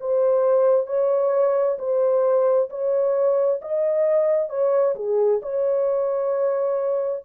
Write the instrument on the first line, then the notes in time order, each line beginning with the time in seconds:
horn
0.00 C5
0.86 C#5
1.79 C5
2.69 C#5
3.61 D#5
4.49 C#5
4.95 G#4
5.42 C#5